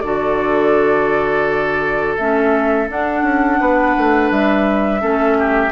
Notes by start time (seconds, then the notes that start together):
0.00 D3 F#4 A4 D5
2.17 A3 C#4 E5
2.88 D4 F#5
3.22 C#4
3.60 B3 B4
3.97 A3
4.30 G3 E5
5.00 A3 C#4 A4
5.38 G4